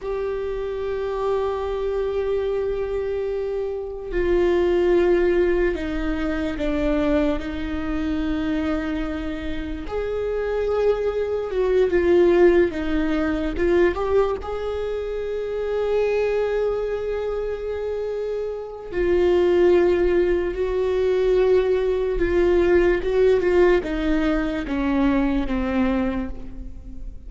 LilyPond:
\new Staff \with { instrumentName = "viola" } { \time 4/4 \tempo 4 = 73 g'1~ | g'4 f'2 dis'4 | d'4 dis'2. | gis'2 fis'8 f'4 dis'8~ |
dis'8 f'8 g'8 gis'2~ gis'8~ | gis'2. f'4~ | f'4 fis'2 f'4 | fis'8 f'8 dis'4 cis'4 c'4 | }